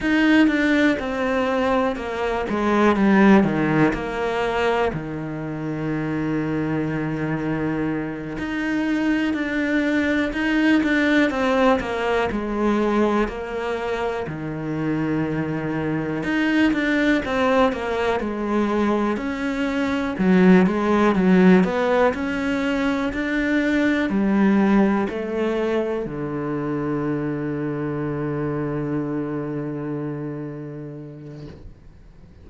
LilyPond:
\new Staff \with { instrumentName = "cello" } { \time 4/4 \tempo 4 = 61 dis'8 d'8 c'4 ais8 gis8 g8 dis8 | ais4 dis2.~ | dis8 dis'4 d'4 dis'8 d'8 c'8 | ais8 gis4 ais4 dis4.~ |
dis8 dis'8 d'8 c'8 ais8 gis4 cis'8~ | cis'8 fis8 gis8 fis8 b8 cis'4 d'8~ | d'8 g4 a4 d4.~ | d1 | }